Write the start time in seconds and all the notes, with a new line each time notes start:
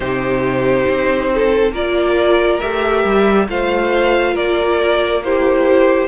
0.00 C3 D#4 G4 C5
0.88 C4
1.34 A4
1.72 A#3 F4 A#4 D5
2.60 A3 G4 E5
3.04 G3
3.48 A3 F4 C5 F5
4.33 A#3 A#4 D5
5.23 E4 G4 C5